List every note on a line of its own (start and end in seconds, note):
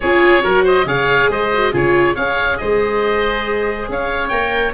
0.00 0.44 C#4
0.00 0.42 F4
0.00 0.43 G#4
0.00 0.64 C#5
0.42 0.85 F#3
0.42 0.85 F#4
0.42 0.64 A#4
0.64 0.85 C5
0.64 0.87 D#5
0.85 1.28 C#3
0.85 1.50 G#4
0.85 1.30 C#5
0.85 1.30 F5
1.29 1.72 G#3
1.29 1.72 C5
1.29 1.74 D#5
1.53 1.72 F#4
1.72 2.16 C#3
1.72 2.15 F4
1.72 2.14 G#4
1.72 2.15 C#5
2.14 2.59 C#4
2.14 4.32 G#4
2.14 2.57 C#5
2.14 2.57 F5
2.57 3.88 G#3
2.57 3.89 C5
2.57 3.87 D#5
3.88 4.31 C#4
3.88 4.73 C#5
3.88 4.28 F5
4.28 4.73 A#3
4.28 4.73 A#4
4.28 4.71 G5